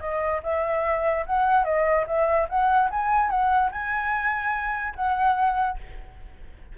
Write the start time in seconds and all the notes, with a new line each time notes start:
0.00 D#5
0.43 E5
1.26 F#5
1.64 D#5
2.07 E5
2.49 F#5
2.90 G#5
3.30 F#5
3.71 G#5
4.96 F#5